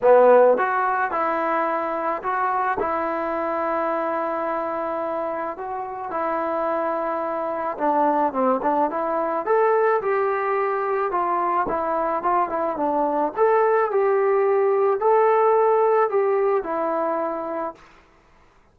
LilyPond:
\new Staff \with { instrumentName = "trombone" } { \time 4/4 \tempo 4 = 108 b4 fis'4 e'2 | fis'4 e'2.~ | e'2 fis'4 e'4~ | e'2 d'4 c'8 d'8 |
e'4 a'4 g'2 | f'4 e'4 f'8 e'8 d'4 | a'4 g'2 a'4~ | a'4 g'4 e'2 | }